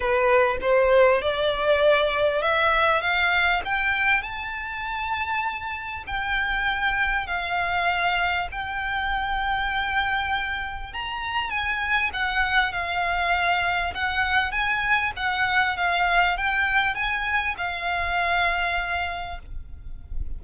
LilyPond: \new Staff \with { instrumentName = "violin" } { \time 4/4 \tempo 4 = 99 b'4 c''4 d''2 | e''4 f''4 g''4 a''4~ | a''2 g''2 | f''2 g''2~ |
g''2 ais''4 gis''4 | fis''4 f''2 fis''4 | gis''4 fis''4 f''4 g''4 | gis''4 f''2. | }